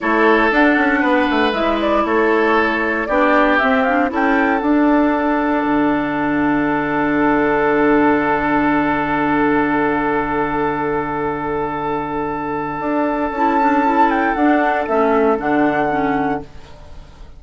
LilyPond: <<
  \new Staff \with { instrumentName = "flute" } { \time 4/4 \tempo 4 = 117 cis''4 fis''2 e''8 d''8 | cis''2 d''4 e''8 f''8 | g''4 fis''2.~ | fis''1~ |
fis''1~ | fis''1~ | fis''2 a''4. g''8 | fis''4 e''4 fis''2 | }
  \new Staff \with { instrumentName = "oboe" } { \time 4/4 a'2 b'2 | a'2 g'2 | a'1~ | a'1~ |
a'1~ | a'1~ | a'1~ | a'1 | }
  \new Staff \with { instrumentName = "clarinet" } { \time 4/4 e'4 d'2 e'4~ | e'2 d'4 c'8 d'8 | e'4 d'2.~ | d'1~ |
d'1~ | d'1~ | d'2 e'8 d'8 e'4 | d'4 cis'4 d'4 cis'4 | }
  \new Staff \with { instrumentName = "bassoon" } { \time 4/4 a4 d'8 cis'8 b8 a8 gis4 | a2 b4 c'4 | cis'4 d'2 d4~ | d1~ |
d1~ | d1~ | d4 d'4 cis'2 | d'4 a4 d2 | }
>>